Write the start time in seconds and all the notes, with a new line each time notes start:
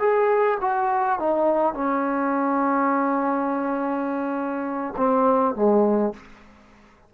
0.00 G#4
0.61 F#4
1.19 D#4
1.74 C#4
4.97 C4
5.55 G#3